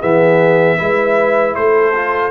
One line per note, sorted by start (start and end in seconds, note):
0.00 0.80 E3
0.00 0.78 B3
0.00 0.77 G#4
0.00 1.55 E5
0.78 1.57 G#3
0.78 1.93 E4
0.78 1.55 B4
1.55 2.31 A3
1.55 2.31 A4
1.55 2.31 C5
1.95 2.31 F4